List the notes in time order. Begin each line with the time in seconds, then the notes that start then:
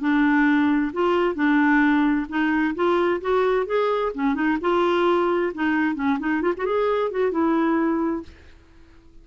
0.00 D4
0.93 F4
1.35 D4
2.29 D#4
2.75 F4
3.21 F#4
3.66 G#4
4.14 C#4
4.34 D#4
4.61 F4
5.54 D#4
5.95 C#4
6.19 D#4
6.41 F4
6.57 F#4
6.65 G#4
7.11 F#4
7.31 E4